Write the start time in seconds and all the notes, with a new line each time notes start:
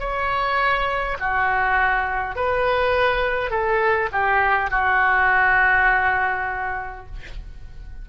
0.00 C#5
1.20 F#4
2.36 B4
3.51 A4
4.12 G4
4.71 F#4